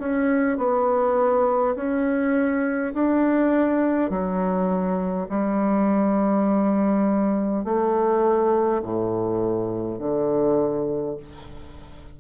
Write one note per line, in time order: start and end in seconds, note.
0.00 0.58 C#4
0.58 1.76 B3
1.76 2.94 C#4
2.95 4.11 D4
4.11 5.28 F#3
5.29 7.65 G3
7.65 8.82 A3
8.83 9.99 A2
9.99 11.17 D3